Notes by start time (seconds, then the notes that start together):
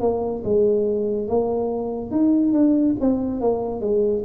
0.00 A#3
0.44 G#3
1.28 A#3
2.10 D#4
2.52 D4
3.00 C4
3.40 A#3
3.80 G#3